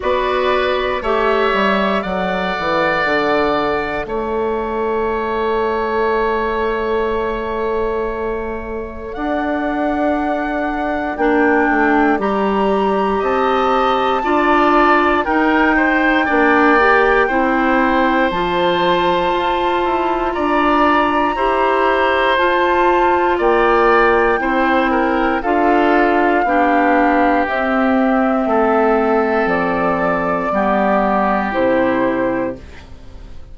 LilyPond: <<
  \new Staff \with { instrumentName = "flute" } { \time 4/4 \tempo 4 = 59 d''4 e''4 fis''2 | e''1~ | e''4 fis''2 g''4 | ais''4 a''2 g''4~ |
g''2 a''2 | ais''2 a''4 g''4~ | g''4 f''2 e''4~ | e''4 d''2 c''4 | }
  \new Staff \with { instrumentName = "oboe" } { \time 4/4 b'4 cis''4 d''2 | cis''1~ | cis''4 d''2.~ | d''4 dis''4 d''4 ais'8 c''8 |
d''4 c''2. | d''4 c''2 d''4 | c''8 ais'8 a'4 g'2 | a'2 g'2 | }
  \new Staff \with { instrumentName = "clarinet" } { \time 4/4 fis'4 g'4 a'2~ | a'1~ | a'2. d'4 | g'2 f'4 dis'4 |
d'8 g'8 e'4 f'2~ | f'4 g'4 f'2 | e'4 f'4 d'4 c'4~ | c'2 b4 e'4 | }
  \new Staff \with { instrumentName = "bassoon" } { \time 4/4 b4 a8 g8 fis8 e8 d4 | a1~ | a4 d'2 ais8 a8 | g4 c'4 d'4 dis'4 |
ais4 c'4 f4 f'8 e'8 | d'4 e'4 f'4 ais4 | c'4 d'4 b4 c'4 | a4 f4 g4 c4 | }
>>